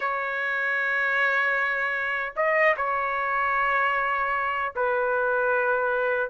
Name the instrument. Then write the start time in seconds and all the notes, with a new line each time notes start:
trumpet
0.00 C#5
2.35 D#5
2.76 C#5
4.75 B4